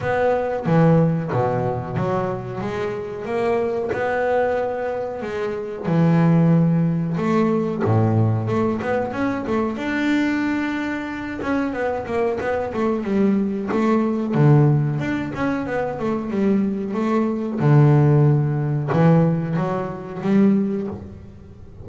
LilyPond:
\new Staff \with { instrumentName = "double bass" } { \time 4/4 \tempo 4 = 92 b4 e4 b,4 fis4 | gis4 ais4 b2 | gis4 e2 a4 | a,4 a8 b8 cis'8 a8 d'4~ |
d'4. cis'8 b8 ais8 b8 a8 | g4 a4 d4 d'8 cis'8 | b8 a8 g4 a4 d4~ | d4 e4 fis4 g4 | }